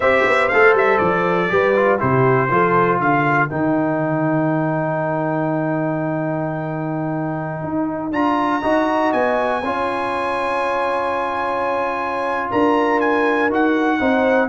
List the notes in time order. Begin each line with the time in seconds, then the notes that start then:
0.00 C4 G4 C5 E5
0.25 B3
0.48 A3 A4 F5
0.73 G3 E5
0.97 F3 D5
1.49 G3 G4 B4
1.76 F4
1.98 C3 E4 G4 C5
2.49 F3 F4 A4
2.99 D3 A#4 F5
3.49 D#3 D#4 G5
7.63 D#4
8.11 D4 F4 A#5
8.61 D#4 F#4 D#5
9.12 B3 G#5
9.62 C#4 F4 C#5
12.50 D4 A#4 A#5
13.00 G#5
13.49 D#4 F#4 F#5
13.99 C4 D#4 C5